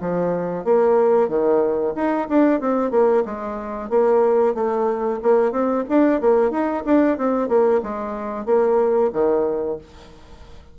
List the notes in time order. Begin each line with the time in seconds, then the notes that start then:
0.00 F3
0.64 A#3
1.28 D#3
1.95 D#4
2.29 D4
2.60 C4
2.91 A#3
3.25 G#3
3.89 A#3
4.54 A3
5.22 A#3
5.51 C4
5.88 D4
6.21 A#3
6.51 D#4
6.85 D4
7.17 C4
7.48 A#3
7.83 G#3
8.45 A#3
9.12 D#3